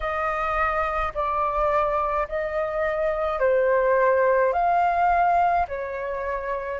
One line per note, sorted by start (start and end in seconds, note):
0.00 1.13 D#5
1.14 2.27 D5
2.28 3.40 D#5
3.40 4.53 C5
4.53 5.66 F5
5.68 6.80 C#5